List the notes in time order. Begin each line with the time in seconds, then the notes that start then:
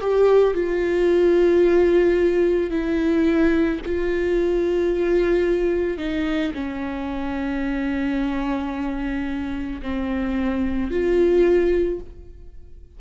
0.00 G4
0.54 F4
2.70 E4
3.85 F4
5.98 D#4
6.54 C#4
9.82 C4
10.90 F4